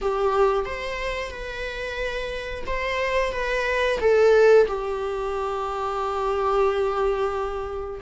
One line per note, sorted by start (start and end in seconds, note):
0.01 0.65 G4
0.65 1.30 C5
1.30 2.64 B4
2.66 3.32 C5
3.32 3.98 B4
4.00 4.67 A4
4.67 8.00 G4